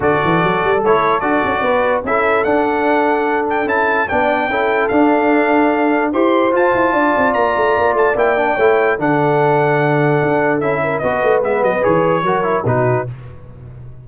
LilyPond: <<
  \new Staff \with { instrumentName = "trumpet" } { \time 4/4 \tempo 4 = 147 d''2 cis''4 d''4~ | d''4 e''4 fis''2~ | fis''8 g''8 a''4 g''2 | f''2. c'''4 |
a''2 ais''4. a''8 | g''2 fis''2~ | fis''2 e''4 dis''4 | e''8 dis''8 cis''2 b'4 | }
  \new Staff \with { instrumentName = "horn" } { \time 4/4 a'1 | b'4 a'2.~ | a'2 d''4 a'4~ | a'2. c''4~ |
c''4 d''2.~ | d''4 cis''4 a'2~ | a'2~ a'8 ais'8 b'4~ | b'2 ais'4 fis'4 | }
  \new Staff \with { instrumentName = "trombone" } { \time 4/4 fis'2 e'4 fis'4~ | fis'4 e'4 d'2~ | d'4 e'4 d'4 e'4 | d'2. g'4 |
f'1 | e'8 d'8 e'4 d'2~ | d'2 e'4 fis'4 | b4 gis'4 fis'8 e'8 dis'4 | }
  \new Staff \with { instrumentName = "tuba" } { \time 4/4 d8 e8 fis8 g8 a4 d'8 cis'8 | b4 cis'4 d'2~ | d'4 cis'4 b4 cis'4 | d'2. e'4 |
f'8 e'8 d'8 c'8 ais8 a8 ais8 a8 | ais4 a4 d2~ | d4 d'4 cis'4 b8 a8 | gis8 fis8 e4 fis4 b,4 | }
>>